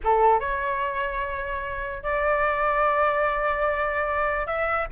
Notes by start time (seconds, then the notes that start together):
0.04 A4
0.40 C#5
2.03 D5
4.46 E5